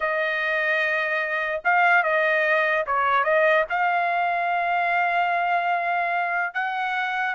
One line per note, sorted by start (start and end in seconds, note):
0.00 1.61 D#5
1.64 2.03 F5
2.03 2.85 D#5
2.86 3.24 C#5
3.24 3.64 D#5
3.69 6.54 F5
6.54 7.34 F#5